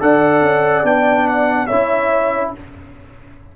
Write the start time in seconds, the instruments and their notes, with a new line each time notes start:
0.00 tuba D4, trombone A4, horn D5, trumpet F#5
0.41 tuba C#4
0.83 tuba B3, trombone D4, trumpet G5
1.28 trumpet F#5
1.67 tuba C#4, trombone E4, horn C#5, trumpet E5